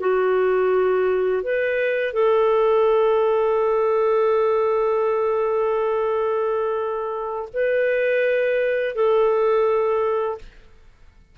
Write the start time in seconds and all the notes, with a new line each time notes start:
0.00 F#4
1.43 B4
2.13 A4
7.53 B4
8.95 A4